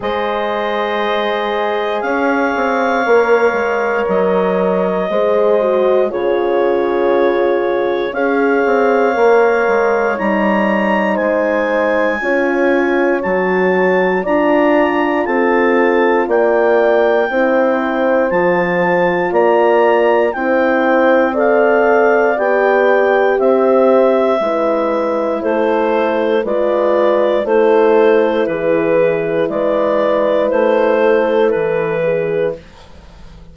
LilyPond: <<
  \new Staff \with { instrumentName = "clarinet" } { \time 4/4 \tempo 4 = 59 dis''2 f''2 | dis''2 cis''2 | f''2 ais''4 gis''4~ | gis''4 a''4 ais''4 a''4 |
g''2 a''4 ais''4 | g''4 f''4 g''4 e''4~ | e''4 c''4 d''4 c''4 | b'4 d''4 c''4 b'4 | }
  \new Staff \with { instrumentName = "horn" } { \time 4/4 c''2 cis''2~ | cis''4 c''4 gis'2 | cis''2. c''4 | cis''2 d''4 a'4 |
d''4 c''2 d''4 | c''4 d''2 c''4 | b'4 a'4 b'4 a'4 | gis'4 b'4. a'4 gis'8 | }
  \new Staff \with { instrumentName = "horn" } { \time 4/4 gis'2. ais'4~ | ais'4 gis'8 fis'8 f'2 | gis'4 ais'4 dis'2 | f'4 fis'4 f'2~ |
f'4 e'4 f'2 | e'4 a'4 g'2 | e'2 f'4 e'4~ | e'1 | }
  \new Staff \with { instrumentName = "bassoon" } { \time 4/4 gis2 cis'8 c'8 ais8 gis8 | fis4 gis4 cis2 | cis'8 c'8 ais8 gis8 g4 gis4 | cis'4 fis4 d'4 c'4 |
ais4 c'4 f4 ais4 | c'2 b4 c'4 | gis4 a4 gis4 a4 | e4 gis4 a4 e4 | }
>>